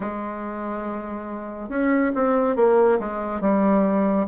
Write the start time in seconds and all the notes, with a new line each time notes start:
0.00 G#3
1.69 C#4
2.14 C4
2.56 A#3
2.99 G#3
3.41 G3